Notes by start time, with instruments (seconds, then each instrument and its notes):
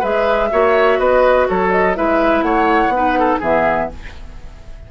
0.00 bassoon G#3, clarinet G#4, oboe B4, flute E5
0.51 bassoon A#3, clarinet F#4, oboe C#5
0.99 bassoon B3, oboe B4, flute D#5
1.49 bassoon F#3, oboe A4, flute C#5
1.72 flute D#5
1.95 bassoon G#3, clarinet E4, oboe B4, flute E5
2.42 bassoon A3, oboe C#5, flute F#5
2.89 bassoon B3
2.95 clarinet D#4, oboe B4
3.19 oboe A4
3.40 bassoon E3, clarinet B3, oboe G#4, flute E5